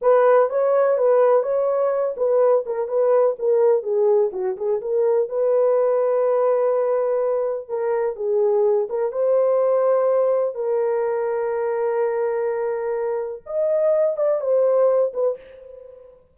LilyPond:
\new Staff \with { instrumentName = "horn" } { \time 4/4 \tempo 4 = 125 b'4 cis''4 b'4 cis''4~ | cis''8 b'4 ais'8 b'4 ais'4 | gis'4 fis'8 gis'8 ais'4 b'4~ | b'1 |
ais'4 gis'4. ais'8 c''4~ | c''2 ais'2~ | ais'1 | dis''4. d''8 c''4. b'8 | }